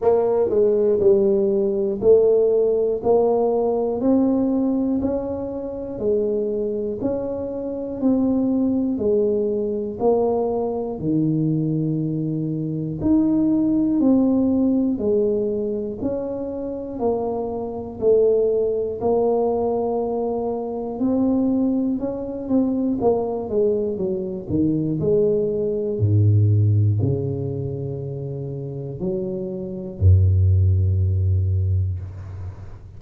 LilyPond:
\new Staff \with { instrumentName = "tuba" } { \time 4/4 \tempo 4 = 60 ais8 gis8 g4 a4 ais4 | c'4 cis'4 gis4 cis'4 | c'4 gis4 ais4 dis4~ | dis4 dis'4 c'4 gis4 |
cis'4 ais4 a4 ais4~ | ais4 c'4 cis'8 c'8 ais8 gis8 | fis8 dis8 gis4 gis,4 cis4~ | cis4 fis4 fis,2 | }